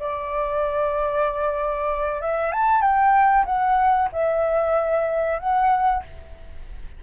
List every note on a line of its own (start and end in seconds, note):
0.00 2.22 D5
2.22 2.53 E5
2.53 2.82 A5
2.82 3.46 G5
3.46 4.10 F#5
4.13 5.40 E5
5.40 6.03 F#5